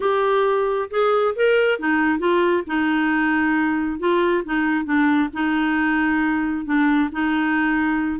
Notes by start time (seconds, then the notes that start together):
0.00 G4
0.90 G#4
1.35 A#4
1.79 D#4
2.18 F4
2.67 D#4
3.99 F4
4.44 D#4
4.84 D4
5.33 D#4
6.65 D4
7.12 D#4